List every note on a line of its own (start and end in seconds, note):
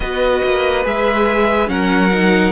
0.00 0.41 B3
0.00 0.84 F#4
0.00 1.70 B4
0.00 0.85 D#5
0.44 0.85 A#3
0.84 1.68 G#3
0.84 1.67 G#4
0.84 1.68 E5
1.67 2.52 F#3
1.67 2.09 C#4
1.67 2.52 A#4
1.67 2.52 F#5
2.12 2.52 D#4